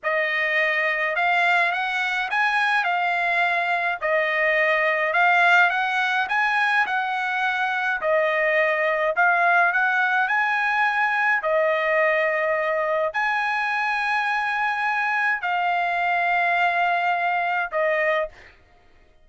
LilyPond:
\new Staff \with { instrumentName = "trumpet" } { \time 4/4 \tempo 4 = 105 dis''2 f''4 fis''4 | gis''4 f''2 dis''4~ | dis''4 f''4 fis''4 gis''4 | fis''2 dis''2 |
f''4 fis''4 gis''2 | dis''2. gis''4~ | gis''2. f''4~ | f''2. dis''4 | }